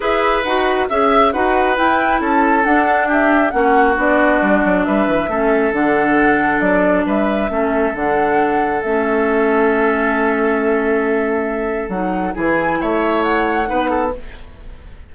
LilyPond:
<<
  \new Staff \with { instrumentName = "flute" } { \time 4/4 \tempo 4 = 136 e''4 fis''4 e''4 fis''4 | g''4 a''4 fis''4 e''4 | fis''4 d''2 e''4~ | e''4 fis''2 d''4 |
e''2 fis''2 | e''1~ | e''2. fis''4 | gis''4 e''4 fis''2 | }
  \new Staff \with { instrumentName = "oboe" } { \time 4/4 b'2 e''4 b'4~ | b'4 a'2 g'4 | fis'2. b'4 | a'1 |
b'4 a'2.~ | a'1~ | a'1 | gis'4 cis''2 b'8 a'8 | }
  \new Staff \with { instrumentName = "clarinet" } { \time 4/4 gis'4 fis'4 gis'4 fis'4 | e'2 d'2 | cis'4 d'2. | cis'4 d'2.~ |
d'4 cis'4 d'2 | cis'1~ | cis'2. dis'4 | e'2. dis'4 | }
  \new Staff \with { instrumentName = "bassoon" } { \time 4/4 e'4 dis'4 cis'4 dis'4 | e'4 cis'4 d'2 | ais4 b4 g8 fis8 g8 e8 | a4 d2 fis4 |
g4 a4 d2 | a1~ | a2. fis4 | e4 a2 b4 | }
>>